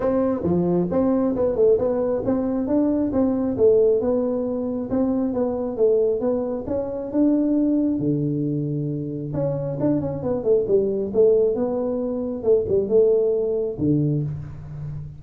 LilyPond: \new Staff \with { instrumentName = "tuba" } { \time 4/4 \tempo 4 = 135 c'4 f4 c'4 b8 a8 | b4 c'4 d'4 c'4 | a4 b2 c'4 | b4 a4 b4 cis'4 |
d'2 d2~ | d4 cis'4 d'8 cis'8 b8 a8 | g4 a4 b2 | a8 g8 a2 d4 | }